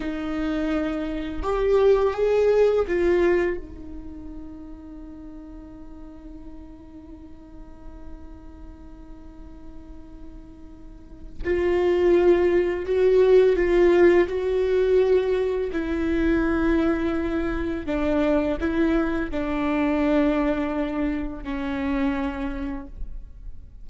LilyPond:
\new Staff \with { instrumentName = "viola" } { \time 4/4 \tempo 4 = 84 dis'2 g'4 gis'4 | f'4 dis'2.~ | dis'1~ | dis'1 |
f'2 fis'4 f'4 | fis'2 e'2~ | e'4 d'4 e'4 d'4~ | d'2 cis'2 | }